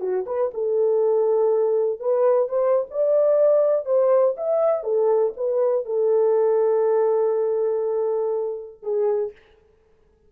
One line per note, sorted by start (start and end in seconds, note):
0.00 0.25 F#4
0.26 0.51 B4
0.54 1.99 A4
1.99 2.48 B4
2.48 2.86 C5
2.90 3.85 D5
3.85 4.35 C5
4.37 4.83 E5
4.83 5.33 A4
5.36 5.85 B4
5.85 8.82 A4
8.82 9.32 G#4